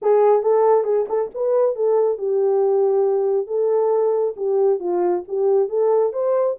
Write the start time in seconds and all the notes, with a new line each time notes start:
0.01 G#4
0.42 A4
0.84 G#4
1.08 A4
1.34 B4
1.75 A4
2.18 G4
3.47 A4
4.36 G4
4.79 F4
5.28 G4
5.68 A4
6.12 C5